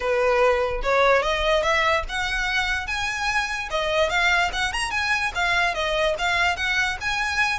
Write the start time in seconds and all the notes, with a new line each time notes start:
0.00 B4
0.82 C#5
1.22 D#5
1.62 E5
2.08 F#5
2.87 G#5
3.70 D#5
4.09 F5
4.52 F#5
4.72 A#5
4.91 G#5
5.34 F5
5.74 D#5
6.18 F5
6.56 F#5
7.00 G#5